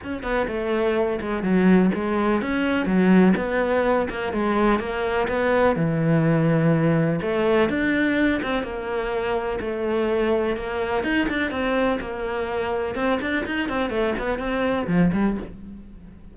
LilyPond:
\new Staff \with { instrumentName = "cello" } { \time 4/4 \tempo 4 = 125 cis'8 b8 a4. gis8 fis4 | gis4 cis'4 fis4 b4~ | b8 ais8 gis4 ais4 b4 | e2. a4 |
d'4. c'8 ais2 | a2 ais4 dis'8 d'8 | c'4 ais2 c'8 d'8 | dis'8 c'8 a8 b8 c'4 f8 g8 | }